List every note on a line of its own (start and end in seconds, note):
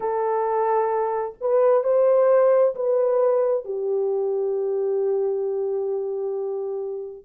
0.00 1.35 A4
1.40 1.83 B4
1.83 2.74 C5
2.75 3.64 B4
3.64 7.24 G4